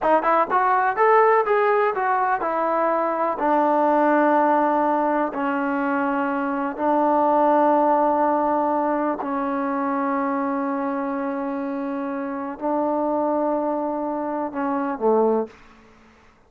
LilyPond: \new Staff \with { instrumentName = "trombone" } { \time 4/4 \tempo 4 = 124 dis'8 e'8 fis'4 a'4 gis'4 | fis'4 e'2 d'4~ | d'2. cis'4~ | cis'2 d'2~ |
d'2. cis'4~ | cis'1~ | cis'2 d'2~ | d'2 cis'4 a4 | }